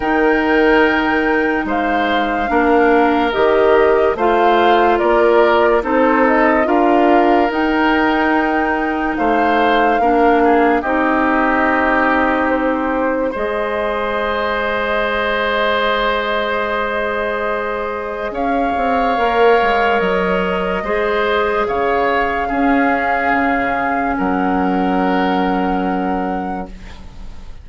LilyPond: <<
  \new Staff \with { instrumentName = "flute" } { \time 4/4 \tempo 4 = 72 g''2 f''2 | dis''4 f''4 d''4 c''8 dis''8 | f''4 g''2 f''4~ | f''4 dis''2 c''4 |
dis''1~ | dis''2 f''2 | dis''2 f''2~ | f''4 fis''2. | }
  \new Staff \with { instrumentName = "oboe" } { \time 4/4 ais'2 c''4 ais'4~ | ais'4 c''4 ais'4 a'4 | ais'2. c''4 | ais'8 gis'8 g'2. |
c''1~ | c''2 cis''2~ | cis''4 c''4 cis''4 gis'4~ | gis'4 ais'2. | }
  \new Staff \with { instrumentName = "clarinet" } { \time 4/4 dis'2. d'4 | g'4 f'2 dis'4 | f'4 dis'2. | d'4 dis'2. |
gis'1~ | gis'2. ais'4~ | ais'4 gis'2 cis'4~ | cis'1 | }
  \new Staff \with { instrumentName = "bassoon" } { \time 4/4 dis2 gis4 ais4 | dis4 a4 ais4 c'4 | d'4 dis'2 a4 | ais4 c'2. |
gis1~ | gis2 cis'8 c'8 ais8 gis8 | fis4 gis4 cis4 cis'4 | cis4 fis2. | }
>>